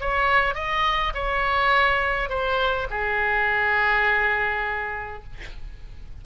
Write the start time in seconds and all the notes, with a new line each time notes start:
0.00 C#5
0.55 D#5
1.14 C#5
2.29 C5
2.90 G#4